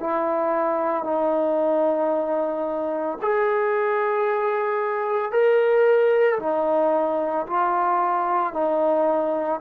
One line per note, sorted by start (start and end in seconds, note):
0.00 1.04 E4
1.04 3.18 D#4
3.21 5.32 G#4
5.32 6.39 A#4
6.39 7.47 D#4
7.47 8.53 F4
8.53 9.60 D#4